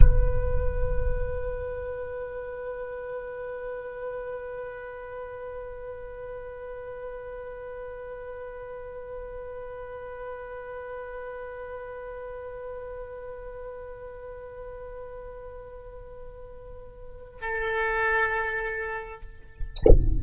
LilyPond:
\new Staff \with { instrumentName = "oboe" } { \time 4/4 \tempo 4 = 100 b'1~ | b'1~ | b'1~ | b'1~ |
b'1~ | b'1~ | b'1~ | b'4 a'2. | }